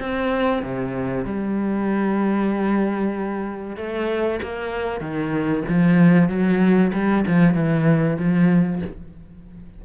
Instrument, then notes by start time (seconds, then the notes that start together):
cello
0.00 C4
0.63 C3
1.25 G3
3.77 A3
4.42 A#3
5.00 D#3
5.68 F3
6.28 F#3
6.93 G3
7.27 F3
7.54 E3
8.18 F3